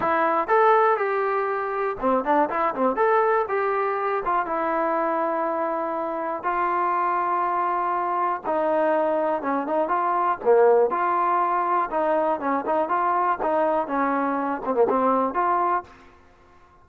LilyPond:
\new Staff \with { instrumentName = "trombone" } { \time 4/4 \tempo 4 = 121 e'4 a'4 g'2 | c'8 d'8 e'8 c'8 a'4 g'4~ | g'8 f'8 e'2.~ | e'4 f'2.~ |
f'4 dis'2 cis'8 dis'8 | f'4 ais4 f'2 | dis'4 cis'8 dis'8 f'4 dis'4 | cis'4. c'16 ais16 c'4 f'4 | }